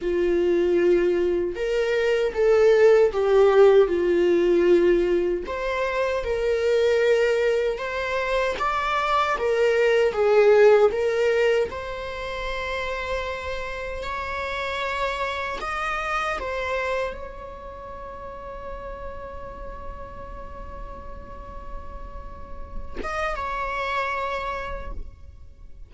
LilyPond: \new Staff \with { instrumentName = "viola" } { \time 4/4 \tempo 4 = 77 f'2 ais'4 a'4 | g'4 f'2 c''4 | ais'2 c''4 d''4 | ais'4 gis'4 ais'4 c''4~ |
c''2 cis''2 | dis''4 c''4 cis''2~ | cis''1~ | cis''4. dis''8 cis''2 | }